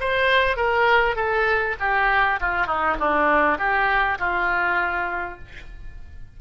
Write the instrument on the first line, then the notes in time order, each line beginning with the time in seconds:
oboe
0.00 C5
0.56 A#4
1.15 A4
1.80 G4
2.40 F4
2.66 D#4
2.99 D4
3.58 G4
4.19 F4